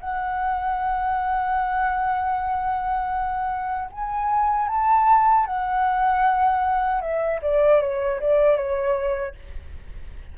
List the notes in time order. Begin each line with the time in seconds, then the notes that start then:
0.00 F#5
3.92 G#5
4.68 A5
5.46 F#5
7.01 E5
7.42 D5
7.81 C#5
8.21 D5
8.57 C#5